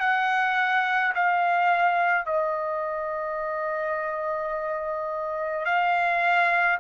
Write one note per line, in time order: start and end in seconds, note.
0.00 1.13 F#5
1.15 2.25 F5
2.25 5.65 D#5
5.66 6.79 F5